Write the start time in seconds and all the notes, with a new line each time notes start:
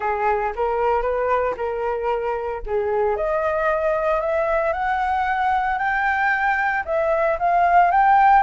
0.00 G#4
0.55 A#4
1.01 B4
1.56 A#4
2.66 G#4
3.16 D#5
4.20 E5
4.72 F#5
5.78 G5
6.85 E5
7.39 F5
7.91 G5